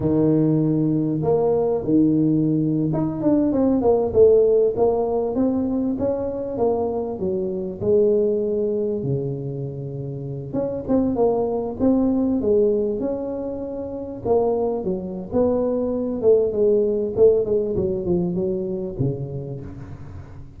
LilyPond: \new Staff \with { instrumentName = "tuba" } { \time 4/4 \tempo 4 = 98 dis2 ais4 dis4~ | dis8. dis'8 d'8 c'8 ais8 a4 ais16~ | ais8. c'4 cis'4 ais4 fis16~ | fis8. gis2 cis4~ cis16~ |
cis4~ cis16 cis'8 c'8 ais4 c'8.~ | c'16 gis4 cis'2 ais8.~ | ais16 fis8. b4. a8 gis4 | a8 gis8 fis8 f8 fis4 cis4 | }